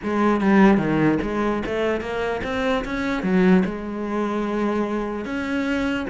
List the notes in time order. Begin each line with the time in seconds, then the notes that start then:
0.03 G#3
0.40 G3
0.77 D#3
1.22 G#3
1.66 A3
2.00 A#3
2.43 C4
2.84 C#4
3.22 F#3
3.65 G#3
5.25 C#4